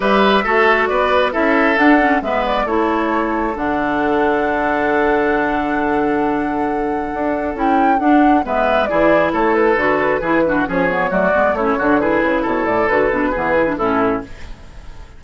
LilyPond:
<<
  \new Staff \with { instrumentName = "flute" } { \time 4/4 \tempo 4 = 135 e''2 d''4 e''4 | fis''4 e''8 d''8 cis''2 | fis''1~ | fis''1~ |
fis''4 g''4 fis''4 e''4 | d''4 cis''8 b'2~ b'8 | cis''4 d''4 cis''4 b'4 | cis''8 d''8 b'2 a'4 | }
  \new Staff \with { instrumentName = "oboe" } { \time 4/4 b'4 a'4 b'4 a'4~ | a'4 b'4 a'2~ | a'1~ | a'1~ |
a'2. b'4 | gis'4 a'2 gis'8 fis'8 | gis'4 fis'4 e'8 fis'8 gis'4 | a'2 gis'4 e'4 | }
  \new Staff \with { instrumentName = "clarinet" } { \time 4/4 g'4 fis'2 e'4 | d'8 cis'8 b4 e'2 | d'1~ | d'1~ |
d'4 e'4 d'4 b4 | e'2 fis'4 e'8 d'8 | cis'8 b8 a8 b8 cis'8 d'8 e'4~ | e'4 fis'8 d'8 b8 e'16 d'16 cis'4 | }
  \new Staff \with { instrumentName = "bassoon" } { \time 4/4 g4 a4 b4 cis'4 | d'4 gis4 a2 | d1~ | d1 |
d'4 cis'4 d'4 gis4 | e4 a4 d4 e4 | f4 fis8 gis8 a8 d4 cis8 | b,8 a,8 d8 b,8 e4 a,4 | }
>>